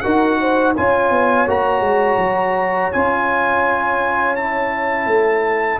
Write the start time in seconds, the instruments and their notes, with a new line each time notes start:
0.00 tuba D#4, trombone F#4, horn A#4, trumpet F#5
0.40 horn C5
0.76 tuba C#4, trombone F4, horn C#5, trumpet G#5
1.10 tuba B3
1.47 tuba A#3, trombone F#4, trumpet A#5
1.80 tuba G#3
2.17 tuba F#3
2.92 tuba C#4, trombone F4, trumpet G#5
4.36 trombone E4, trumpet A5
5.06 tuba A3